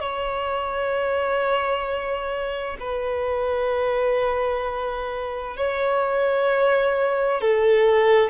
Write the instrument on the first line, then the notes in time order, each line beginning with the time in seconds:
violin
0.00 C#5
2.79 B4
5.56 C#5
7.41 A4